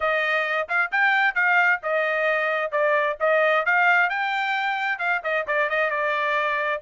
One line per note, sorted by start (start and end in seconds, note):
0.00 0.68 D#5
0.68 0.91 F5
0.91 1.34 G5
1.34 1.80 F5
1.83 2.71 D#5
2.71 3.17 D5
3.20 3.65 D#5
3.65 4.09 F5
4.09 4.99 G5
4.99 5.21 F5
5.23 5.46 D#5
5.47 5.69 D5
5.69 5.90 D#5
5.90 6.81 D5